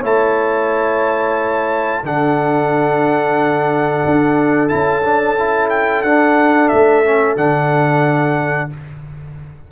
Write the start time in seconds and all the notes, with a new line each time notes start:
0.00 A3 E4 C#5 A5
2.03 D3 D4 A4 F#5
4.06 D4
4.69 C#4 E4 A5
5.03 D4
5.39 E4
5.70 G5
6.02 D4 F#5
6.68 A3 E5
7.05 C#4
7.36 D3 D4 F#5